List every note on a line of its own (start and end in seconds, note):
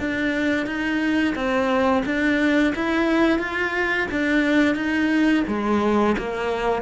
0.00 0.67 D4
0.67 1.35 D#4
1.36 2.04 C4
2.06 2.74 D4
2.76 3.39 E4
3.39 4.08 F4
4.12 4.76 D4
4.76 5.44 D#4
5.48 6.16 G#3
6.19 6.83 A#3